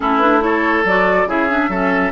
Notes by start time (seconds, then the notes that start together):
0.00 A3 C#4 E4 A4
0.18 D4 B4
0.40 E4 A4 C#5
0.84 F#3 F#4 D5
1.25 C#3 E4 G#4 E5
1.49 D4
1.69 F#3 C#4 A4